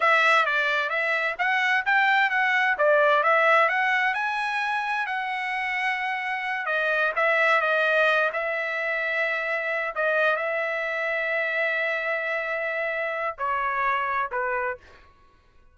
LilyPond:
\new Staff \with { instrumentName = "trumpet" } { \time 4/4 \tempo 4 = 130 e''4 d''4 e''4 fis''4 | g''4 fis''4 d''4 e''4 | fis''4 gis''2 fis''4~ | fis''2~ fis''8 dis''4 e''8~ |
e''8 dis''4. e''2~ | e''4. dis''4 e''4.~ | e''1~ | e''4 cis''2 b'4 | }